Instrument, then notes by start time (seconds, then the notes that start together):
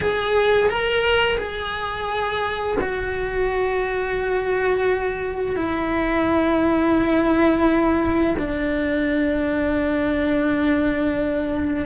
cello
0.01 G#4
0.69 A#4
1.37 G#4
2.80 F#4
5.56 E4
8.38 D4